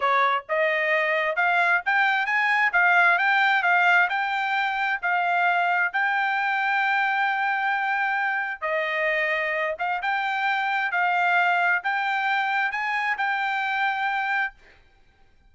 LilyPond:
\new Staff \with { instrumentName = "trumpet" } { \time 4/4 \tempo 4 = 132 cis''4 dis''2 f''4 | g''4 gis''4 f''4 g''4 | f''4 g''2 f''4~ | f''4 g''2.~ |
g''2. dis''4~ | dis''4. f''8 g''2 | f''2 g''2 | gis''4 g''2. | }